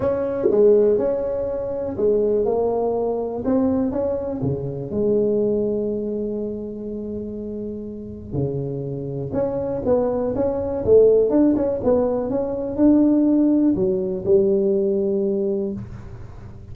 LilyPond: \new Staff \with { instrumentName = "tuba" } { \time 4/4 \tempo 4 = 122 cis'4 gis4 cis'2 | gis4 ais2 c'4 | cis'4 cis4 gis2~ | gis1~ |
gis4 cis2 cis'4 | b4 cis'4 a4 d'8 cis'8 | b4 cis'4 d'2 | fis4 g2. | }